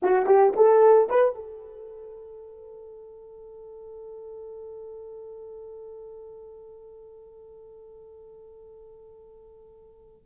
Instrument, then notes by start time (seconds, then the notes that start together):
horn
0.02 F#4
0.26 G4
0.56 A4
1.09 B4
1.35 A4